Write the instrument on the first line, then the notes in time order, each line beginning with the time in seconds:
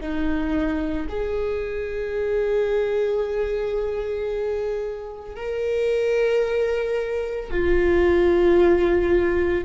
viola
0.00 D#4
1.09 G#4
5.36 A#4
7.50 F4